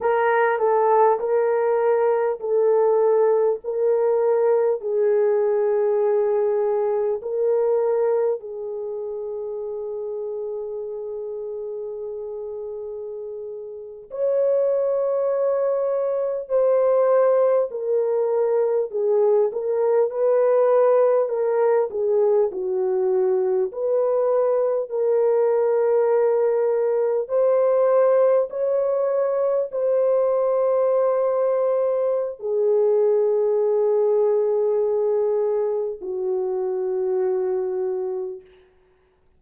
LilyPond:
\new Staff \with { instrumentName = "horn" } { \time 4/4 \tempo 4 = 50 ais'8 a'8 ais'4 a'4 ais'4 | gis'2 ais'4 gis'4~ | gis'2.~ gis'8. cis''16~ | cis''4.~ cis''16 c''4 ais'4 gis'16~ |
gis'16 ais'8 b'4 ais'8 gis'8 fis'4 b'16~ | b'8. ais'2 c''4 cis''16~ | cis''8. c''2~ c''16 gis'4~ | gis'2 fis'2 | }